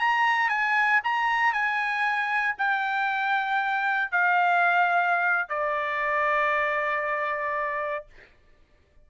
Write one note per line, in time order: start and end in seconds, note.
0.00 0.49 A#5
0.49 1.01 G#5
1.04 1.53 A#5
1.53 2.56 G#5
2.58 4.12 G5
4.12 5.49 F5
5.49 8.06 D5